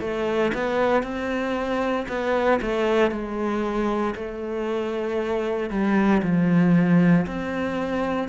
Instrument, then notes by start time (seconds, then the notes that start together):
cello
0.00 A3
0.54 B3
1.03 C4
2.08 B3
2.61 A3
3.11 G#3
4.15 A3
5.70 G3
6.22 F3
7.26 C4